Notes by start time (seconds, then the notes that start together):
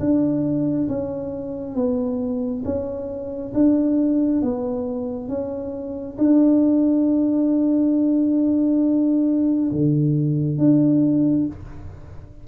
0.00 D4
0.89 C#4
1.75 B3
2.65 C#4
3.55 D4
4.42 B3
5.29 C#4
6.18 D4
9.72 D3
10.58 D4